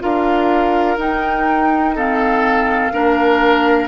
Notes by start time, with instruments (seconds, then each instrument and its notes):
0.00 bassoon D4, clarinet F4, oboe A#4, flute F5
0.97 bassoon D#4, clarinet D#4, flute G5
1.96 clarinet C4, oboe A4, flute F5
2.93 bassoon A#3, clarinet D4, oboe A#4